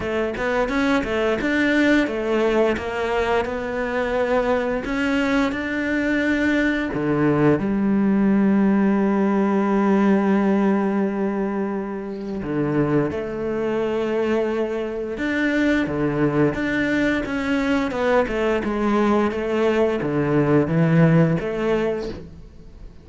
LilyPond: \new Staff \with { instrumentName = "cello" } { \time 4/4 \tempo 4 = 87 a8 b8 cis'8 a8 d'4 a4 | ais4 b2 cis'4 | d'2 d4 g4~ | g1~ |
g2 d4 a4~ | a2 d'4 d4 | d'4 cis'4 b8 a8 gis4 | a4 d4 e4 a4 | }